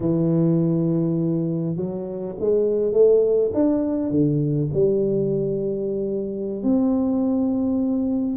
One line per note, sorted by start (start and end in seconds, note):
0.00 1.76 E3
1.76 2.35 F#3
2.39 2.93 G#3
2.93 3.51 A3
3.53 4.10 D4
4.10 4.69 D3
4.73 6.63 G3
6.63 8.37 C4